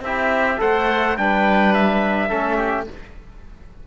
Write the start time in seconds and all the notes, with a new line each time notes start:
0.00 C4 E4 G4 E5
0.57 A3 A4 C5 F#5
1.17 G3 D4 B4 G5
1.73 E5
2.29 A3 C#4 A4
2.56 G4